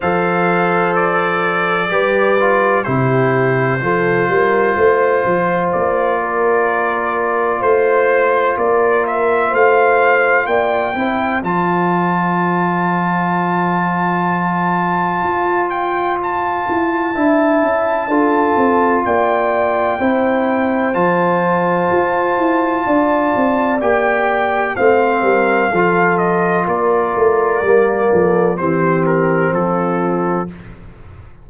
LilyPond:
<<
  \new Staff \with { instrumentName = "trumpet" } { \time 4/4 \tempo 4 = 63 f''4 d''2 c''4~ | c''2 d''2 | c''4 d''8 e''8 f''4 g''4 | a''1~ |
a''8 g''8 a''2. | g''2 a''2~ | a''4 g''4 f''4. dis''8 | d''2 c''8 ais'8 a'4 | }
  \new Staff \with { instrumentName = "horn" } { \time 4/4 c''2 b'4 g'4 | a'8 ais'8 c''4. ais'4. | c''4 ais'4 c''4 d''8 c''8~ | c''1~ |
c''2 e''4 a'4 | d''4 c''2. | d''2 c''8 ais'8 a'4 | ais'4. a'8 g'4 f'4 | }
  \new Staff \with { instrumentName = "trombone" } { \time 4/4 a'2 g'8 f'8 e'4 | f'1~ | f'2.~ f'8 e'8 | f'1~ |
f'2 e'4 f'4~ | f'4 e'4 f'2~ | f'4 g'4 c'4 f'4~ | f'4 ais4 c'2 | }
  \new Staff \with { instrumentName = "tuba" } { \time 4/4 f2 g4 c4 | f8 g8 a8 f8 ais2 | a4 ais4 a4 ais8 c'8 | f1 |
f'4. e'8 d'8 cis'8 d'8 c'8 | ais4 c'4 f4 f'8 e'8 | d'8 c'8 ais4 a8 g8 f4 | ais8 a8 g8 f8 e4 f4 | }
>>